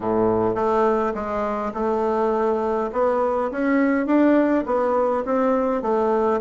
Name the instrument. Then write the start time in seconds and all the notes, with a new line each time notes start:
bassoon
0.00 A2
0.55 A3
1.14 G#3
1.73 A3
2.92 B3
3.51 C#4
4.06 D4
4.65 B3
5.25 C4
5.82 A3